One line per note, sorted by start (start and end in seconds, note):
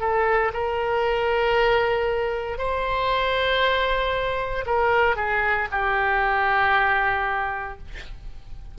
0.00 0.52 A4
0.53 2.58 A#4
2.58 4.65 C5
4.66 5.16 A#4
5.16 5.68 G#4
5.71 7.78 G4